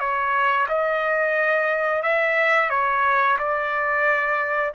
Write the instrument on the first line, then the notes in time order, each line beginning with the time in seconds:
trumpet
0.00 C#5
0.69 D#5
2.03 E5
2.70 C#5
3.39 D5